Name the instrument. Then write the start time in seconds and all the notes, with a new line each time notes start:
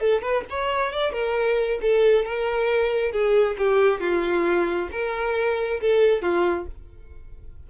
violin
0.00 A4
0.22 B4
0.50 C#5
0.92 D5
1.12 A#4
1.82 A4
2.25 A#4
3.12 G#4
3.58 G4
4.00 F4
4.92 A#4
5.81 A4
6.22 F4